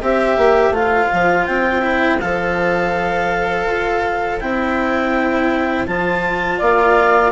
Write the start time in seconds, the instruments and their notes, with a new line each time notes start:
0.00 bassoon C4, cello G4, flute C5, clarinet E5
0.37 bassoon A#3
0.70 bassoon A3, cello F4, clarinet F5
1.13 bassoon F3
1.46 bassoon C4, clarinet G5
1.82 cello E4
2.20 bassoon F3, cello A4, clarinet F5
3.67 bassoon F4
4.40 bassoon C4, cello E4, clarinet G5
5.87 bassoon F3, cello F4, clarinet A5
6.58 bassoon A#3, flute D5, clarinet F5